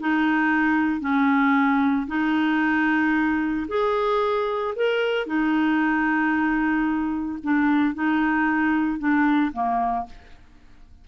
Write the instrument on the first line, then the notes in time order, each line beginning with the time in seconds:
clarinet
0.00 D#4
1.01 C#4
2.08 D#4
3.68 G#4
4.76 A#4
5.27 D#4
7.43 D4
7.95 D#4
8.99 D4
9.53 A#3